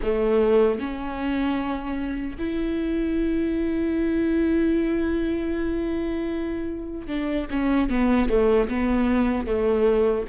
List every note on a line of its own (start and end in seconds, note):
0.02 0.79 A3
0.79 2.36 C#4
2.38 7.07 E4
7.07 7.46 D4
7.50 7.89 C#4
7.89 8.29 B3
8.29 8.68 A3
8.68 9.46 B3
9.46 10.25 A3